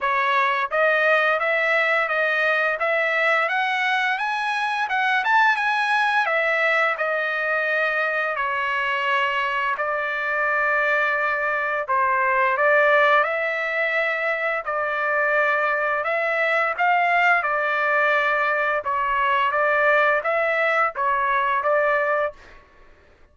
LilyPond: \new Staff \with { instrumentName = "trumpet" } { \time 4/4 \tempo 4 = 86 cis''4 dis''4 e''4 dis''4 | e''4 fis''4 gis''4 fis''8 a''8 | gis''4 e''4 dis''2 | cis''2 d''2~ |
d''4 c''4 d''4 e''4~ | e''4 d''2 e''4 | f''4 d''2 cis''4 | d''4 e''4 cis''4 d''4 | }